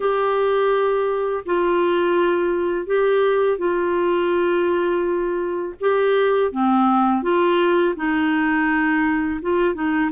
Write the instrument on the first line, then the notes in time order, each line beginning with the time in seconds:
clarinet
0.00 G4
1.45 F4
2.86 G4
3.58 F4
5.80 G4
6.51 C4
7.22 F4
7.96 D#4
9.41 F4
9.74 D#4